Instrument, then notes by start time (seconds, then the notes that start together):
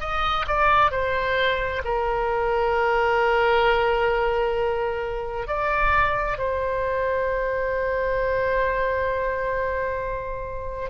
oboe
0.00 D#5
0.47 D5
0.91 C5
1.84 A#4
5.47 D5
6.38 C5